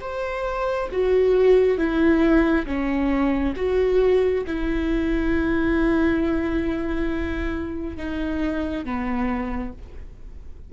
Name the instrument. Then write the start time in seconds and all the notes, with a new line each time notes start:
viola
0.00 C5
0.91 F#4
1.77 E4
2.66 C#4
3.55 F#4
4.46 E4
7.97 D#4
8.84 B3